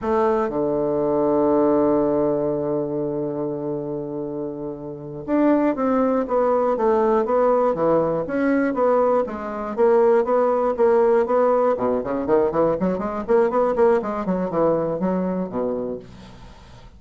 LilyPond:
\new Staff \with { instrumentName = "bassoon" } { \time 4/4 \tempo 4 = 120 a4 d2.~ | d1~ | d2~ d8 d'4 c'8~ | c'8 b4 a4 b4 e8~ |
e8 cis'4 b4 gis4 ais8~ | ais8 b4 ais4 b4 b,8 | cis8 dis8 e8 fis8 gis8 ais8 b8 ais8 | gis8 fis8 e4 fis4 b,4 | }